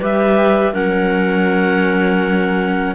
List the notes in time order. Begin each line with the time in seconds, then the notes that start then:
0.00 G3 G4 B4 E5
0.73 F#3 C#4 A#4 F#5